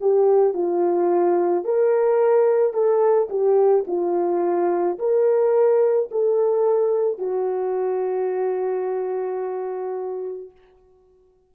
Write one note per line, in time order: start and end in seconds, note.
0.00 0.53 G4
0.53 1.64 F4
1.64 2.73 A#4
2.73 3.28 A4
3.29 3.84 G4
3.87 4.98 F4
4.98 6.09 A#4
6.11 7.18 A4
7.18 10.51 F#4